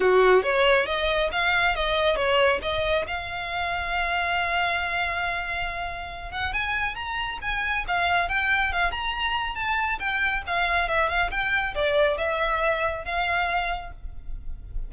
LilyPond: \new Staff \with { instrumentName = "violin" } { \time 4/4 \tempo 4 = 138 fis'4 cis''4 dis''4 f''4 | dis''4 cis''4 dis''4 f''4~ | f''1~ | f''2~ f''8 fis''8 gis''4 |
ais''4 gis''4 f''4 g''4 | f''8 ais''4. a''4 g''4 | f''4 e''8 f''8 g''4 d''4 | e''2 f''2 | }